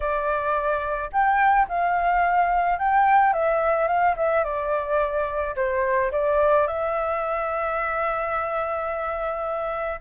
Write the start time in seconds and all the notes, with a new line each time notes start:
0.00 D5
1.12 G5
1.68 F5
2.79 G5
3.33 E5
3.87 F5
4.16 E5
4.44 D5
5.55 C5
6.11 D5
6.67 E5